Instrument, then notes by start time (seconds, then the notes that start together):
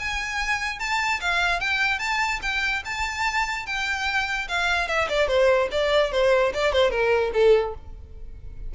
violin
0.00 G#5
0.80 A5
1.21 F5
1.60 G5
2.00 A5
2.42 G5
2.86 A5
3.67 G5
4.49 F5
4.88 E5
5.09 D5
5.28 C5
5.72 D5
6.12 C5
6.54 D5
6.73 C5
6.91 A#4
7.34 A4